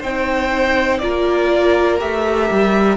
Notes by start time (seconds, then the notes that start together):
0.00 C4 D#4 C5 G5
0.99 A#3 F4 A#4 D5
1.99 A3 G4 E5
2.51 G3